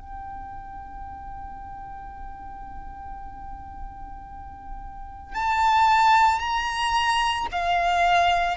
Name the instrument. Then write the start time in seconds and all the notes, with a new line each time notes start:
violin
0.00 G5
5.34 A5
6.39 A#5
7.51 F5